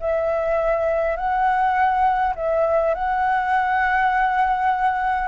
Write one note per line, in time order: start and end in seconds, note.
0.00 1.16 E5
1.16 2.34 F#5
2.36 2.94 E5
2.94 5.28 F#5